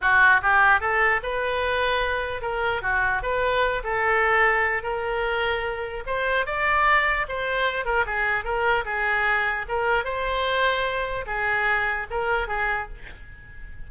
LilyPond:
\new Staff \with { instrumentName = "oboe" } { \time 4/4 \tempo 4 = 149 fis'4 g'4 a'4 b'4~ | b'2 ais'4 fis'4 | b'4. a'2~ a'8 | ais'2. c''4 |
d''2 c''4. ais'8 | gis'4 ais'4 gis'2 | ais'4 c''2. | gis'2 ais'4 gis'4 | }